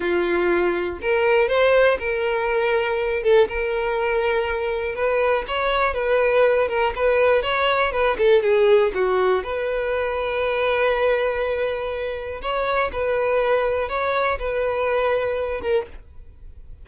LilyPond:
\new Staff \with { instrumentName = "violin" } { \time 4/4 \tempo 4 = 121 f'2 ais'4 c''4 | ais'2~ ais'8 a'8 ais'4~ | ais'2 b'4 cis''4 | b'4. ais'8 b'4 cis''4 |
b'8 a'8 gis'4 fis'4 b'4~ | b'1~ | b'4 cis''4 b'2 | cis''4 b'2~ b'8 ais'8 | }